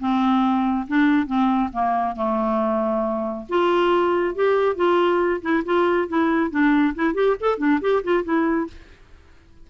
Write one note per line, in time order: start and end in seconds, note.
0.00 0.87 C4
0.88 1.27 D4
1.27 1.70 C4
1.73 2.16 A#3
2.16 3.46 A3
3.49 4.35 F4
4.35 4.76 G4
4.76 5.41 F4
5.42 5.64 E4
5.65 6.08 F4
6.08 6.51 E4
6.51 6.94 D4
6.95 7.14 E4
7.14 7.36 G4
7.40 7.58 A4
7.58 7.80 D4
7.81 8.03 G4
8.04 8.24 F4
8.24 8.67 E4